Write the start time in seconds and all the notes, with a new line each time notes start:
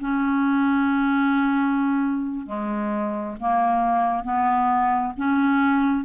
0.00 C#4
2.46 G#3
3.39 A#3
4.23 B3
5.16 C#4